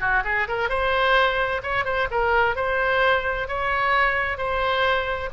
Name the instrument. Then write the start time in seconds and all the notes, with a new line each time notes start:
oboe
0.00 F#4
0.24 G#4
0.48 A#4
0.69 C5
1.63 C#5
1.85 C5
2.11 A#4
2.55 C5
3.48 C#5
4.37 C5